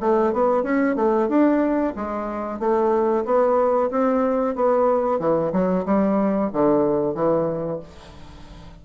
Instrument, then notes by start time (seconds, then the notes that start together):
bassoon
0.00 A3
0.33 B3
0.63 C#4
0.96 A3
1.28 D4
1.96 G#3
2.59 A3
3.25 B3
3.91 C4
4.55 B3
5.19 E3
5.52 F#3
5.85 G3
6.52 D3
7.15 E3